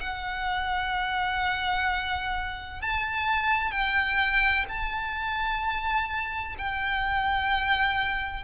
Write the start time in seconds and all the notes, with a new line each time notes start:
0.00 F#5
2.81 A5
3.72 G5
4.68 A5
6.58 G5